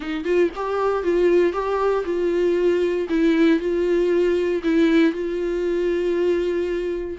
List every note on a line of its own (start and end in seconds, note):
0.00 0.24 D#4
0.24 0.49 F4
0.55 1.03 G4
1.03 1.52 F4
1.52 2.03 G4
2.04 3.07 F4
3.09 3.59 E4
3.59 4.62 F4
4.63 5.12 E4
5.12 7.17 F4